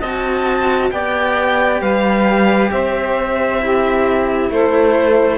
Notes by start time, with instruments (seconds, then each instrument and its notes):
0.00 cello C4 F#4, saxophone D#5, violin A5
0.91 cello B3 G4, saxophone D5, violin G5
1.81 cello G3, saxophone B4, violin F5
2.71 cello C4, saxophone C5, violin E5
3.60 cello E4, saxophone G4
4.50 cello A3, saxophone A4, violin C5